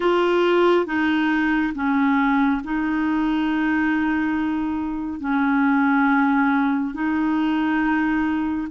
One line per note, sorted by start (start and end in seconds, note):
0.00 0.86 F4
0.86 1.73 D#4
1.74 2.61 C#4
2.64 5.20 D#4
5.20 6.94 C#4
6.94 8.68 D#4